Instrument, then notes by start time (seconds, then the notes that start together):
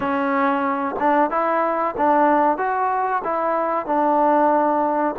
trombone
0.00 C#4
0.99 D4
1.30 E4
1.97 D4
2.57 F#4
3.24 E4
3.86 D4